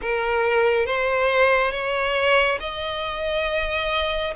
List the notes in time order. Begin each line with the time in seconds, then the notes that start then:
0.01 A#4
0.85 C5
1.71 C#5
2.60 D#5